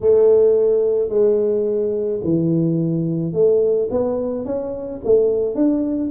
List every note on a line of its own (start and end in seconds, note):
0.01 1.09 A3
1.09 2.20 G#3
2.23 3.32 E3
3.32 3.88 A3
3.90 4.44 B3
4.44 5.00 C#4
5.04 5.55 A3
5.55 6.10 D4